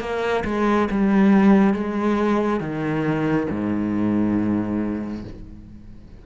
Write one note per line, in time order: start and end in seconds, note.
0.00 0.43 A#3
0.44 0.88 G#3
0.91 1.74 G3
1.74 2.60 G#3
2.60 3.47 D#3
3.50 5.24 G#2